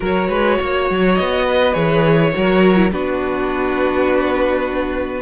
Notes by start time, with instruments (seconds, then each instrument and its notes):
0.00 cello F#3, viola F#4, violin A#4 C#5
0.28 cello G#3, violin B4
0.58 cello A#3, violin C#5
0.90 cello F#3
1.15 cello B3, violin D#5
1.45 violin B4
1.72 cello E3, viola G#4, violin C#5
2.33 cello F#3, viola F#4, violin A#4
2.76 viola E4
2.91 cello B3, viola D4, violin F#4 B4